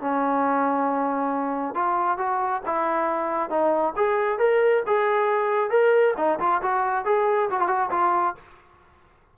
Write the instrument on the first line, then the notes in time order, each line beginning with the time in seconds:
trombone
0.00 C#4
1.75 F4
2.18 F#4
2.66 E4
3.50 D#4
3.96 G#4
4.39 A#4
4.86 G#4
5.70 A#4
6.17 D#4
6.39 F4
6.62 F#4
7.05 G#4
7.50 F#4
7.60 F4
7.68 F#4
7.91 F4